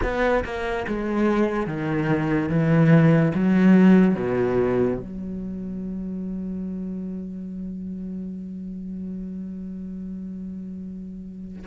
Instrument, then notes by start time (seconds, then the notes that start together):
cello
0.02 B3
0.44 A#3
0.87 G#3
1.67 D#3
2.48 E3
3.34 F#3
4.15 B2
4.98 F#3